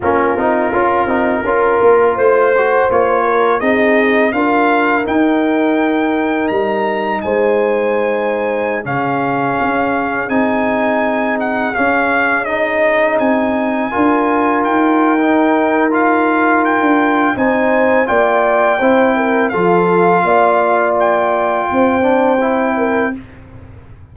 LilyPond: <<
  \new Staff \with { instrumentName = "trumpet" } { \time 4/4 \tempo 4 = 83 ais'2. c''4 | cis''4 dis''4 f''4 g''4~ | g''4 ais''4 gis''2~ | gis''16 f''2 gis''4. fis''16~ |
fis''16 f''4 dis''4 gis''4.~ gis''16~ | gis''16 g''4.~ g''16 f''4 g''4 | gis''4 g''2 f''4~ | f''4 g''2. | }
  \new Staff \with { instrumentName = "horn" } { \time 4/4 f'2 ais'4 c''4~ | c''8 ais'8 gis'4 ais'2~ | ais'2 c''2~ | c''16 gis'2.~ gis'8.~ |
gis'2.~ gis'16 ais'8.~ | ais'1 | c''4 d''4 c''8 ais'8 a'4 | d''2 c''4. ais'8 | }
  \new Staff \with { instrumentName = "trombone" } { \time 4/4 cis'8 dis'8 f'8 dis'8 f'4. fis'8 | f'4 dis'4 f'4 dis'4~ | dis'1~ | dis'16 cis'2 dis'4.~ dis'16~ |
dis'16 cis'4 dis'2 f'8.~ | f'4 dis'4 f'2 | dis'4 f'4 e'4 f'4~ | f'2~ f'8 d'8 e'4 | }
  \new Staff \with { instrumentName = "tuba" } { \time 4/4 ais8 c'8 cis'8 c'8 cis'8 ais8 a4 | ais4 c'4 d'4 dis'4~ | dis'4 g4 gis2~ | gis16 cis4 cis'4 c'4.~ c'16~ |
c'16 cis'2 c'4 d'8.~ | d'16 dis'2. d'8. | c'4 ais4 c'4 f4 | ais2 c'2 | }
>>